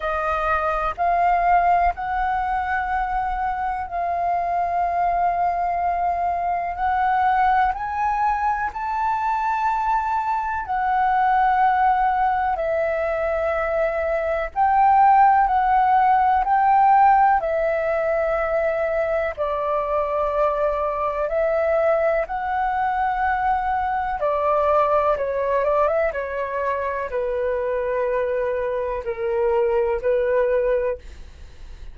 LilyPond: \new Staff \with { instrumentName = "flute" } { \time 4/4 \tempo 4 = 62 dis''4 f''4 fis''2 | f''2. fis''4 | gis''4 a''2 fis''4~ | fis''4 e''2 g''4 |
fis''4 g''4 e''2 | d''2 e''4 fis''4~ | fis''4 d''4 cis''8 d''16 e''16 cis''4 | b'2 ais'4 b'4 | }